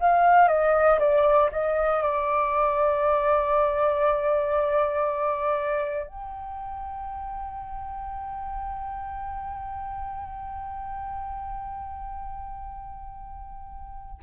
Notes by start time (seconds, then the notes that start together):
0.00 F5
0.48 D#5
0.99 D5
1.52 D#5
2.02 D5
6.06 G5